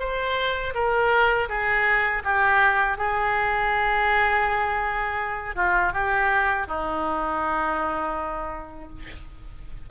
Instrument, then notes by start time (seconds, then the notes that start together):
oboe
0.00 C5
0.75 A#4
1.49 G#4
2.25 G4
2.98 G#4
5.56 F4
5.93 G4
6.67 D#4